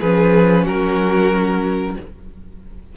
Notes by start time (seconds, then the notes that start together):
0.00 F3 C#4 G#4 B4
0.64 F#3 F#4 A#4